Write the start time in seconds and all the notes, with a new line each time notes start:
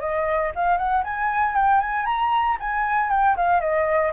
0.00 D#5
0.55 F5
0.78 F#5
1.04 G#5
1.55 G5
1.80 G#5
2.05 A#5
2.60 G#5
3.10 G5
3.36 F5
3.60 D#5